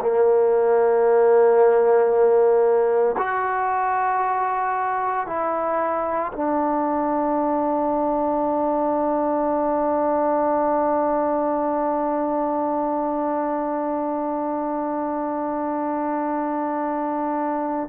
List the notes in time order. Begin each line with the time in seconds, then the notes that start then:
0.00 A#3
3.18 F#4
5.26 E4
6.33 D4